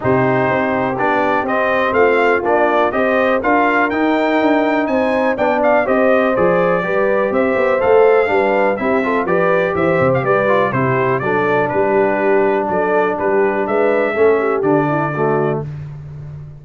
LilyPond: <<
  \new Staff \with { instrumentName = "trumpet" } { \time 4/4 \tempo 4 = 123 c''2 d''4 dis''4 | f''4 d''4 dis''4 f''4 | g''2 gis''4 g''8 f''8 | dis''4 d''2 e''4 |
f''2 e''4 d''4 | e''8. f''16 d''4 c''4 d''4 | b'2 d''4 b'4 | e''2 d''2 | }
  \new Staff \with { instrumentName = "horn" } { \time 4/4 g'1 | f'2 c''4 ais'4~ | ais'2 c''4 d''4 | c''2 b'4 c''4~ |
c''4 b'4 g'8 a'8 b'4 | c''4 b'4 g'4 a'4 | g'2 a'4 g'4 | b'4 a'8 g'4 e'8 fis'4 | }
  \new Staff \with { instrumentName = "trombone" } { \time 4/4 dis'2 d'4 c'4~ | c'4 d'4 g'4 f'4 | dis'2. d'4 | g'4 gis'4 g'2 |
a'4 d'4 e'8 f'8 g'4~ | g'4. f'8 e'4 d'4~ | d'1~ | d'4 cis'4 d'4 a4 | }
  \new Staff \with { instrumentName = "tuba" } { \time 4/4 c4 c'4 b4 c'4 | a4 ais4 c'4 d'4 | dis'4 d'4 c'4 b4 | c'4 f4 g4 c'8 b8 |
a4 g4 c'4 f4 | e8 c8 g4 c4 fis4 | g2 fis4 g4 | gis4 a4 d2 | }
>>